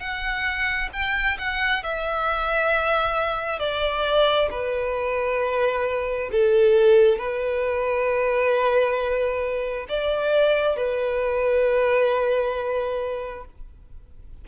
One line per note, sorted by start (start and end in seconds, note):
0.00 0.90 F#5
0.93 1.38 G5
1.39 1.84 F#5
1.84 3.59 E5
3.59 4.49 D5
4.51 6.31 B4
6.32 7.19 A4
7.19 9.88 B4
9.90 10.77 D5
10.77 13.45 B4